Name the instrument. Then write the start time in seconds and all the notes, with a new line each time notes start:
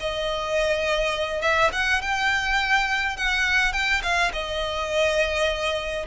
violin
0.00 D#5
1.41 E5
1.73 F#5
2.01 G5
3.17 F#5
3.73 G5
4.03 F5
4.33 D#5